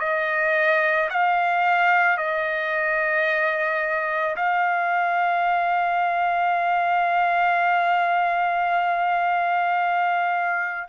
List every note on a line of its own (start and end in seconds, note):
0.00 1.09 D#5
1.10 2.18 F5
2.18 4.36 D#5
4.36 10.89 F5